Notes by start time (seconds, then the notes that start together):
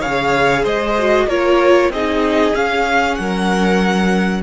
0.00 C#3 G#4 C#5 F5
0.64 G#3 C5 D#5
0.99 F#4
1.28 A#3 F4 A#4 C#5
1.90 C4 D#4 G#4 D#5
2.54 C#4 F5
3.15 F#3 A#4 F#5